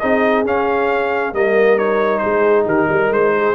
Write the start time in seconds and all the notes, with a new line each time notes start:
0.00 C4 D#4 G#4 D#5
0.45 C#4 F5
1.33 G3 A#3 A#4 D#5
1.78 D#4 C#5
2.19 G#4 C5
2.25 G#3
2.65 D#3 G4 A#4
2.89 G3 A#4
3.10 G#3 C5
3.37 G#4